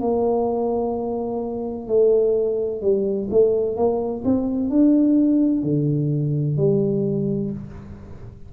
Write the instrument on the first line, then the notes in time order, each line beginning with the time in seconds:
tuba
0.00 A#3
1.87 A3
2.81 G3
3.30 A3
3.76 A#3
4.24 C4
4.70 D4
5.63 D3
6.57 G3